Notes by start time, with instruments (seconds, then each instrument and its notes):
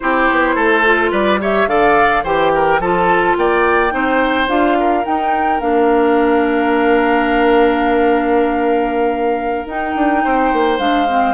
0.00 bassoon C4, clarinet E4, oboe G4, flute C5
0.30 bassoon B3
0.55 bassoon A3, oboe A4
0.84 clarinet F4
1.11 bassoon G3, oboe B4, flute D5
1.40 clarinet G4, oboe C#5, flute E5
1.66 bassoon D3, clarinet A4, oboe D5, flute F5
2.23 bassoon E3, clarinet G4, oboe C5, flute G5
2.54 oboe A#4
2.79 bassoon F3, clarinet F4, oboe A4, flute A5
3.36 bassoon A#3, oboe D5, flute G5
3.90 bassoon C4, clarinet D#4, oboe C5
4.48 bassoon D4, clarinet F4, flute F5
4.79 oboe A#4
5.04 clarinet D#4, bassoon D#4, flute G5
5.59 bassoon A#3, clarinet D4, flute F5
9.66 bassoon D#4, clarinet D#4, flute G5
9.95 bassoon D4
10.24 bassoon C4, oboe C5
10.53 bassoon A#3
10.78 bassoon G#3, clarinet D4, flute F5
11.07 clarinet C4